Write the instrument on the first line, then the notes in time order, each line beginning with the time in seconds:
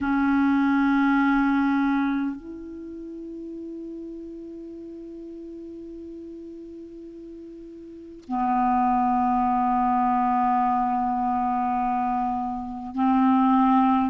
clarinet
0.01 C#4
2.36 E4
8.27 B3
12.94 C4